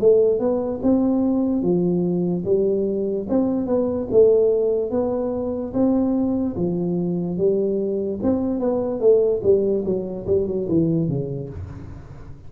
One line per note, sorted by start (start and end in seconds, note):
0.00 0.39 A3
0.39 0.80 B3
0.83 1.62 C4
1.62 2.44 F3
2.45 3.27 G3
3.29 3.67 C4
3.67 4.08 B3
4.11 4.91 A3
4.91 5.73 B3
5.73 6.56 C4
6.56 7.37 F3
7.37 8.19 G3
8.23 8.60 C4
8.60 9.00 B3
9.00 9.41 A3
9.43 9.84 G3
9.85 10.26 F#3
10.27 10.47 G3
10.47 10.68 F#3
10.68 11.08 E3
11.08 11.49 C#3